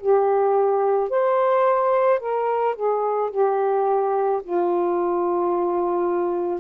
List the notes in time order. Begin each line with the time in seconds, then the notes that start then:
0.00 G4
1.09 C5
2.19 A#4
2.75 G#4
3.30 G4
4.43 F4